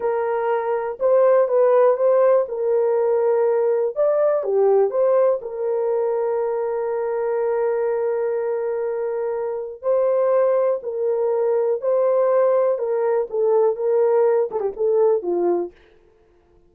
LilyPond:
\new Staff \with { instrumentName = "horn" } { \time 4/4 \tempo 4 = 122 ais'2 c''4 b'4 | c''4 ais'2. | d''4 g'4 c''4 ais'4~ | ais'1~ |
ais'1 | c''2 ais'2 | c''2 ais'4 a'4 | ais'4. a'16 g'16 a'4 f'4 | }